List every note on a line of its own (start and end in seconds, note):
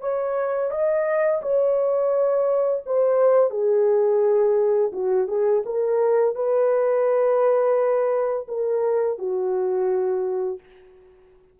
0.00 0.71 C#5
0.71 1.41 D#5
1.41 2.83 C#5
2.86 3.50 C5
3.50 4.91 G#4
4.92 5.27 F#4
5.27 5.63 G#4
5.65 6.35 A#4
6.35 8.46 B4
8.48 9.18 A#4
9.18 10.59 F#4